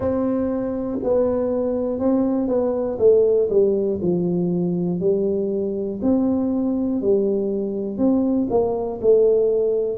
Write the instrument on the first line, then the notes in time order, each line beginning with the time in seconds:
tuba
0.00 C4
1.03 B3
1.99 C4
2.48 B3
2.99 A3
3.49 G3
4.01 F3
5.00 G3
6.02 C4
7.01 G3
7.97 C4
8.50 A#3
9.01 A3